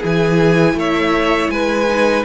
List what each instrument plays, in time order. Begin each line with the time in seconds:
0.00 cello E3, viola E4, violin G#4
0.06 violin G#5
0.75 cello A3, violin C#5 E5
1.50 cello G#3, violin B4 G#5
1.88 viola D#4